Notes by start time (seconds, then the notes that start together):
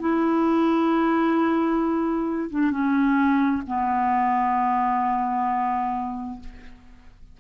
0.00 E4
2.50 D4
2.71 C#4
3.67 B3